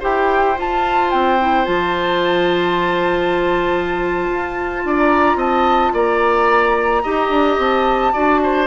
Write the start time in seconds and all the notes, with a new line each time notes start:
0.00 E4 G4 C5 G5
0.56 F4 A5
1.11 C4 G5
1.40 E4
1.64 F3 F4 A5
4.30 F4
4.85 D4 D5
4.97 A#5
5.35 C4 D#5 A5
5.93 A#3 D5 A#5
7.03 D#4 G4 D#5
7.29 D4
7.58 C4 A5
8.12 D4 F#4 D5
8.43 C5